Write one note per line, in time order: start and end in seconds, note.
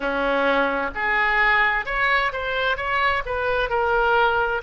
0.00 0.90 C#4
0.94 1.85 G#4
1.85 2.32 C#5
2.32 2.77 C5
2.77 3.23 C#5
3.25 3.69 B4
3.69 4.62 A#4